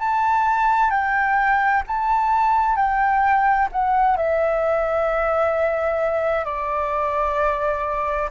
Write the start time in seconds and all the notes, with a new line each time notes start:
0.00 A5
0.91 G5
1.87 A5
2.76 G5
3.72 F#5
4.17 E5
6.45 D5